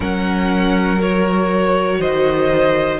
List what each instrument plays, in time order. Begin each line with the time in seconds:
0.00 cello F#3, viola C#4, violin A#4 F#5
0.99 viola F#4, violin C#5
1.99 cello D#3, violin C5 D#5